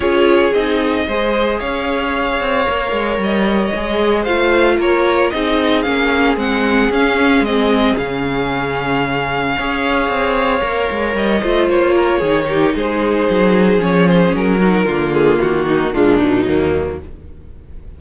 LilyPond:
<<
  \new Staff \with { instrumentName = "violin" } { \time 4/4 \tempo 4 = 113 cis''4 dis''2 f''4~ | f''2 dis''2 | f''4 cis''4 dis''4 f''4 | fis''4 f''4 dis''4 f''4~ |
f''1~ | f''4 dis''4 cis''2 | c''2 cis''8 c''8 ais'4~ | ais'8 gis'8 fis'4 f'8 dis'4. | }
  \new Staff \with { instrumentName = "violin" } { \time 4/4 gis'2 c''4 cis''4~ | cis''1 | c''4 ais'4 gis'2~ | gis'1~ |
gis'2 cis''2~ | cis''4. c''4 ais'8 gis'8 g'8 | gis'2.~ gis'8 fis'8 | f'4. dis'8 d'4 ais4 | }
  \new Staff \with { instrumentName = "viola" } { \time 4/4 f'4 dis'4 gis'2~ | gis'4 ais'2 gis'4 | f'2 dis'4 cis'4 | c'4 cis'4 c'4 cis'4~ |
cis'2 gis'2 | ais'4. f'4. dis'4~ | dis'2 cis'4. dis'8 | ais2 gis8 fis4. | }
  \new Staff \with { instrumentName = "cello" } { \time 4/4 cis'4 c'4 gis4 cis'4~ | cis'8 c'8 ais8 gis8 g4 gis4 | a4 ais4 c'4 ais4 | gis4 cis'4 gis4 cis4~ |
cis2 cis'4 c'4 | ais8 gis8 g8 a8 ais4 dis4 | gis4 fis4 f4 fis4 | d4 dis4 ais,4 dis,4 | }
>>